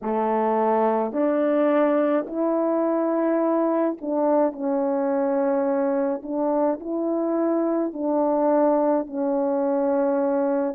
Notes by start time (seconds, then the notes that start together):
0.02 A3
1.13 D4
2.26 E4
4.01 D4
4.52 C#4
6.23 D4
6.79 E4
7.92 D4
9.06 C#4